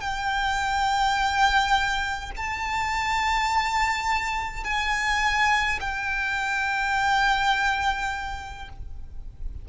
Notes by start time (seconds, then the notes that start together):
0.00 G5
2.37 A5
4.64 G#5
5.80 G5